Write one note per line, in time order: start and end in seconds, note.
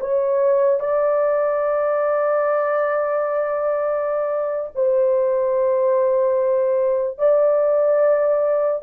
0.00 0.80 C#5
0.80 4.70 D5
4.74 7.18 C5
7.18 8.82 D5